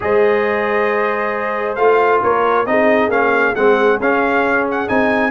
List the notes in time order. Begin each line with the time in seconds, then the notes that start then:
0.00 G#3 G#4 C5 D#5
1.75 A3 F4 F5
2.22 A#3 A#4 C#5
2.66 C4 D#4 G#4 D#5
3.08 A#3 C#4 F5
3.55 G#3 C4 F#5
3.99 C#4 F5
4.70 F#5
4.87 C4 D#4 G#5